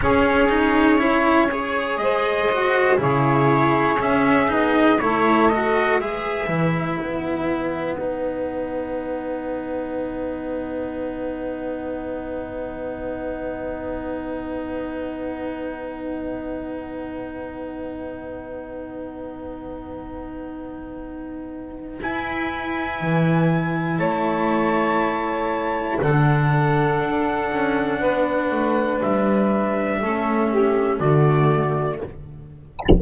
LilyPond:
<<
  \new Staff \with { instrumentName = "trumpet" } { \time 4/4 \tempo 4 = 60 cis''2 dis''4 cis''4 | e''8 dis''8 cis''8 dis''8 e''4 fis''4~ | fis''1~ | fis''1~ |
fis''1~ | fis''2 gis''2 | a''2 fis''2~ | fis''4 e''2 d''4 | }
  \new Staff \with { instrumentName = "saxophone" } { \time 4/4 gis'4 cis''4 c''4 gis'4~ | gis'4 a'4 b'2~ | b'1~ | b'1~ |
b'1~ | b'1 | cis''2 a'2 | b'2 a'8 g'8 fis'4 | }
  \new Staff \with { instrumentName = "cello" } { \time 4/4 cis'8 dis'8 e'8 gis'4 fis'8 e'4 | cis'8 dis'8 e'8 fis'8 gis'8 e'4. | dis'1~ | dis'1~ |
dis'1~ | dis'2 e'2~ | e'2 d'2~ | d'2 cis'4 a4 | }
  \new Staff \with { instrumentName = "double bass" } { \time 4/4 cis'2 gis4 cis4 | cis'8 b8 a4 gis8 e8 b4~ | b1~ | b1~ |
b1~ | b2 e'4 e4 | a2 d4 d'8 cis'8 | b8 a8 g4 a4 d4 | }
>>